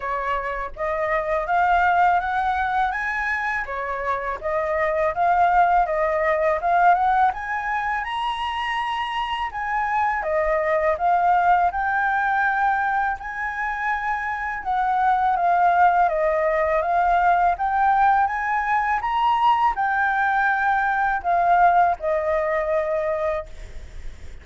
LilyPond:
\new Staff \with { instrumentName = "flute" } { \time 4/4 \tempo 4 = 82 cis''4 dis''4 f''4 fis''4 | gis''4 cis''4 dis''4 f''4 | dis''4 f''8 fis''8 gis''4 ais''4~ | ais''4 gis''4 dis''4 f''4 |
g''2 gis''2 | fis''4 f''4 dis''4 f''4 | g''4 gis''4 ais''4 g''4~ | g''4 f''4 dis''2 | }